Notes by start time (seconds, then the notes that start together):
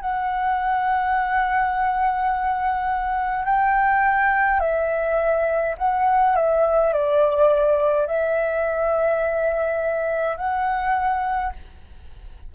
0.00 F#5
3.45 G5
4.59 E5
5.77 F#5
6.36 E5
6.93 D5
8.07 E5
10.36 F#5